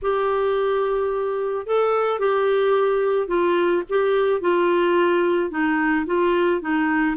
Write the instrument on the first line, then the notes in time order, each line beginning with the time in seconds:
clarinet
0.02 G4
1.66 A4
2.19 G4
3.27 F4
3.89 G4
4.41 F4
5.50 D#4
6.06 F4
6.61 D#4